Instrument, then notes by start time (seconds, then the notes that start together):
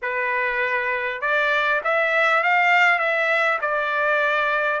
trumpet
0.02 B4
1.21 D5
1.84 E5
2.43 F5
2.98 E5
3.61 D5